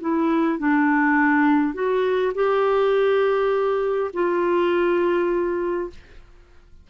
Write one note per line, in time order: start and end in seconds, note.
0.00 0.59 E4
0.59 1.74 D4
1.74 2.32 F#4
2.34 4.11 G4
4.13 5.90 F4